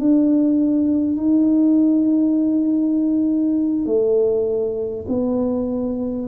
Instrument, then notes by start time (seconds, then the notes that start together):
tuba
0.00 D4
1.17 D#4
3.86 A3
5.09 B3